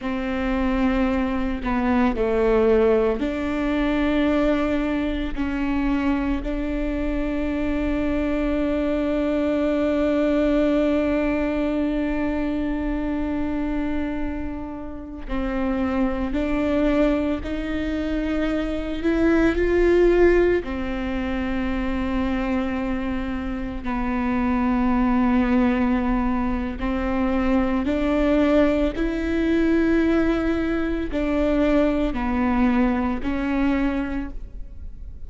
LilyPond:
\new Staff \with { instrumentName = "viola" } { \time 4/4 \tempo 4 = 56 c'4. b8 a4 d'4~ | d'4 cis'4 d'2~ | d'1~ | d'2~ d'16 c'4 d'8.~ |
d'16 dis'4. e'8 f'4 c'8.~ | c'2~ c'16 b4.~ b16~ | b4 c'4 d'4 e'4~ | e'4 d'4 b4 cis'4 | }